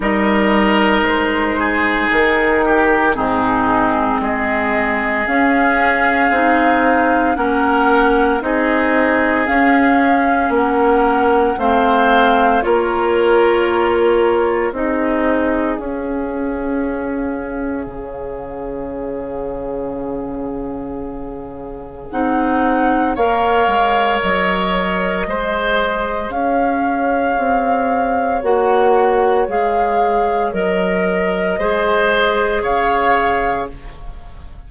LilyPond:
<<
  \new Staff \with { instrumentName = "flute" } { \time 4/4 \tempo 4 = 57 dis''4 c''4 ais'4 gis'4 | dis''4 f''2 fis''4 | dis''4 f''4 fis''4 f''4 | cis''2 dis''4 f''4~ |
f''1~ | f''4 fis''4 f''4 dis''4~ | dis''4 f''2 fis''4 | f''4 dis''2 f''4 | }
  \new Staff \with { instrumentName = "oboe" } { \time 4/4 ais'4. gis'4 g'8 dis'4 | gis'2. ais'4 | gis'2 ais'4 c''4 | ais'2 gis'2~ |
gis'1~ | gis'2 cis''2 | c''4 cis''2.~ | cis''2 c''4 cis''4 | }
  \new Staff \with { instrumentName = "clarinet" } { \time 4/4 dis'2. c'4~ | c'4 cis'4 dis'4 cis'4 | dis'4 cis'2 c'4 | f'2 dis'4 cis'4~ |
cis'1~ | cis'4 dis'4 ais'2 | gis'2. fis'4 | gis'4 ais'4 gis'2 | }
  \new Staff \with { instrumentName = "bassoon" } { \time 4/4 g4 gis4 dis4 gis,4 | gis4 cis'4 c'4 ais4 | c'4 cis'4 ais4 a4 | ais2 c'4 cis'4~ |
cis'4 cis2.~ | cis4 c'4 ais8 gis8 fis4 | gis4 cis'4 c'4 ais4 | gis4 fis4 gis4 cis4 | }
>>